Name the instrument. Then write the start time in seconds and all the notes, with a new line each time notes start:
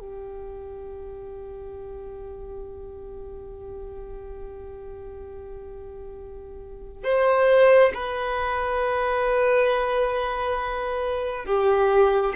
violin
0.00 G4
7.04 C5
7.94 B4
11.45 G4